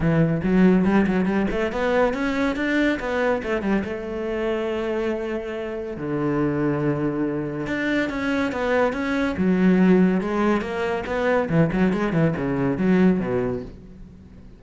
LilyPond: \new Staff \with { instrumentName = "cello" } { \time 4/4 \tempo 4 = 141 e4 fis4 g8 fis8 g8 a8 | b4 cis'4 d'4 b4 | a8 g8 a2.~ | a2 d2~ |
d2 d'4 cis'4 | b4 cis'4 fis2 | gis4 ais4 b4 e8 fis8 | gis8 e8 cis4 fis4 b,4 | }